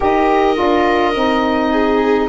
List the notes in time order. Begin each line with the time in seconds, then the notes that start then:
0.00 D#4 G4 A#4 D#5
0.55 D4 F4
1.15 C4 D#4
1.71 G#4